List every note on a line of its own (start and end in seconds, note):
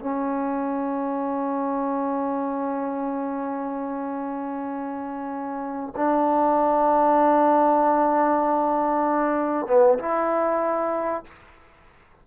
0.00 5.94 C#4
5.96 9.67 D4
9.67 9.98 B3
9.99 11.24 E4